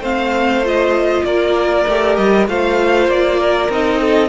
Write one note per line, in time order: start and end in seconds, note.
0.00 1.22 A3
0.00 0.63 C4
0.00 1.23 C5
0.00 0.65 F5
0.63 1.85 F4
0.63 1.24 D#5
1.23 1.85 A#3
1.23 2.48 A#4
1.23 2.16 D5
1.87 2.18 A3
1.87 2.47 G4
2.16 2.47 G3
2.16 2.46 D#5
2.47 3.07 A3
2.47 3.69 F4
2.47 3.40 C5
2.47 3.09 F5
3.07 3.68 A#3
3.07 3.71 D5
3.40 4.01 A#4
3.68 4.28 C4
3.68 4.28 D#4
3.68 4.28 D#5
4.01 4.28 A4